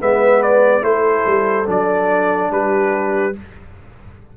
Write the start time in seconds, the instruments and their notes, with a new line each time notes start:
0.00 tuba G#3, trombone B3, horn B4, trumpet E5
0.43 trumpet D5
0.82 tuba A3, trombone E4, horn A4, trumpet C5
1.26 tuba G3
1.66 tuba F#3, trombone D4, trumpet D5
2.51 tuba G3, horn G4, trumpet B4